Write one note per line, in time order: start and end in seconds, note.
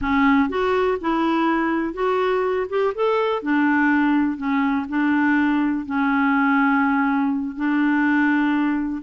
0.01 0.49 C#4
0.49 0.98 F#4
1.00 1.93 E4
1.93 2.66 F#4
2.69 2.93 G4
2.94 3.42 A4
3.42 4.37 D4
4.37 4.86 C#4
4.88 5.85 D4
5.85 7.56 C#4
7.56 9.02 D4